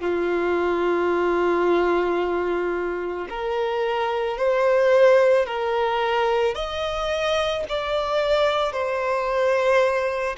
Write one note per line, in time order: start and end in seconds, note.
0.00 3.27 F4
3.29 4.37 A#4
4.37 5.46 C5
5.46 6.55 A#4
6.55 7.64 D#5
7.69 8.72 D5
8.72 10.36 C5